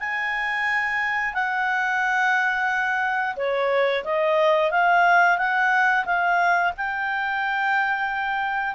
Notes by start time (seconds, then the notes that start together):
0.00 G#5
1.34 F#5
3.36 C#5
4.04 D#5
4.72 F5
5.38 F#5
6.06 F5
6.77 G5